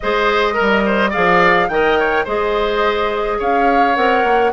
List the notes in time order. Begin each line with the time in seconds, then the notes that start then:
0.00 G#3 G#4 C5 D#5
0.53 A#4
0.60 G3
0.85 C5
1.10 F3 G#4 D5 F5
1.68 D#3 A#4 D#5 G5
1.99 C#5
2.24 G#3 G#4 C5 D#5
3.38 C#4 C#5 F5
3.95 C4 A#4 F#5
4.23 A#3